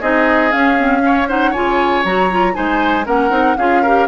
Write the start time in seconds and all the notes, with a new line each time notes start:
0.00 C4 D#4 G#4 D#5
0.52 C#4 F5
0.78 C4
1.00 C#4 C#5
1.28 D#4 C5 F#5
1.51 C#3 F4 C#5 G#5
2.04 F#3 F#4 A#5
2.31 F4
2.53 G#3 D#4 C5 G#5
3.05 A#3 C#4 A#4 F#5
3.30 C4 D#4
3.57 C#4 F4 G#4 F5
3.82 G4 A#4